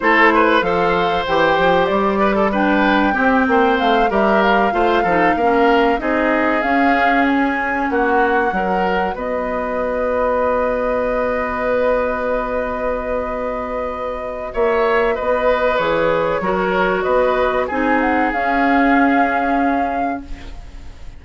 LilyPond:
<<
  \new Staff \with { instrumentName = "flute" } { \time 4/4 \tempo 4 = 95 c''4 f''4 g''4 d''4 | g''2 f''8 e''8 f''4~ | f''4. dis''4 f''4 gis''8~ | gis''8 fis''2 dis''4.~ |
dis''1~ | dis''2. e''4 | dis''4 cis''2 dis''4 | gis''8 fis''8 f''2. | }
  \new Staff \with { instrumentName = "oboe" } { \time 4/4 a'8 b'8 c''2~ c''8 b'16 a'16 | b'4 g'8 c''4 ais'4 c''8 | a'8 ais'4 gis'2~ gis'8~ | gis'8 fis'4 ais'4 b'4.~ |
b'1~ | b'2. cis''4 | b'2 ais'4 b'4 | gis'1 | }
  \new Staff \with { instrumentName = "clarinet" } { \time 4/4 e'4 a'4 g'2 | d'4 c'4. g'4 f'8 | dis'8 cis'4 dis'4 cis'4.~ | cis'4. fis'2~ fis'8~ |
fis'1~ | fis'1~ | fis'4 gis'4 fis'2 | dis'4 cis'2. | }
  \new Staff \with { instrumentName = "bassoon" } { \time 4/4 a4 f4 e8 f8 g4~ | g4 c'8 ais8 a8 g4 a8 | f8 ais4 c'4 cis'4.~ | cis'8 ais4 fis4 b4.~ |
b1~ | b2. ais4 | b4 e4 fis4 b4 | c'4 cis'2. | }
>>